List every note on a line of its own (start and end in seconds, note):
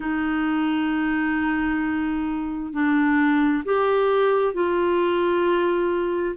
0.00 2.72 D#4
2.72 3.63 D4
3.64 4.53 G4
4.53 6.35 F4